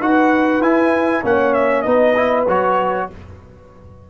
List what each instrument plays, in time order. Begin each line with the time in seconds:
0.00 tuba D#4, trombone F#4, horn B4, trumpet F#5
0.61 tuba E4, trombone E4, trumpet G#5
1.23 tuba A#3, trombone C#4, horn C#5, trumpet F#5
1.54 trumpet E5
1.83 tuba B3, trombone D#4, horn B4, trumpet D#5
2.16 trombone E4
2.48 tuba F#3, trombone F#4, trumpet C#5